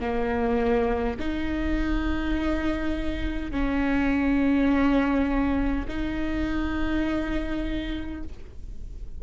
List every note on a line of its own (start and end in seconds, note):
0.00 1.18 A#3
1.19 3.51 D#4
3.51 5.87 C#4
5.88 8.23 D#4